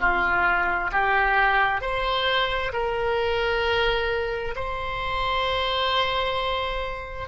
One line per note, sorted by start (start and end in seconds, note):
0.00 0.91 F4
0.92 1.81 G4
1.81 2.72 C5
2.73 4.55 A#4
4.56 7.28 C5